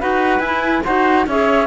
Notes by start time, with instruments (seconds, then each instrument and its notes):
0.00 cello D#4, clarinet F#4, trumpet B4, flute F#5
0.40 cello E4, clarinet E4, flute G#5
0.85 cello D#4, clarinet F#4, trumpet C5, flute F#5
1.27 cello C#4, clarinet G#4, trumpet C#5, flute E5